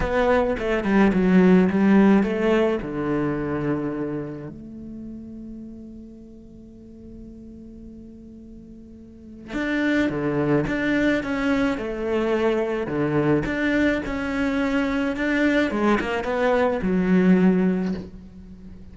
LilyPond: \new Staff \with { instrumentName = "cello" } { \time 4/4 \tempo 4 = 107 b4 a8 g8 fis4 g4 | a4 d2. | a1~ | a1~ |
a4 d'4 d4 d'4 | cis'4 a2 d4 | d'4 cis'2 d'4 | gis8 ais8 b4 fis2 | }